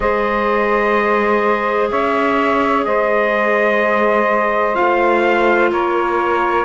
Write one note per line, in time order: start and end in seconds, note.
0.00 1.90 G#3
0.00 4.74 G#4
0.00 1.90 C5
0.00 1.90 D#5
1.90 2.85 C#4
1.90 2.85 C#5
1.90 2.85 E5
2.85 4.76 G#3
2.85 5.71 C5
2.85 4.75 D#5
4.74 5.72 A3
4.74 6.64 F4
4.74 5.70 F5
5.71 6.65 A#3
5.71 6.65 A#4
5.71 6.65 C#5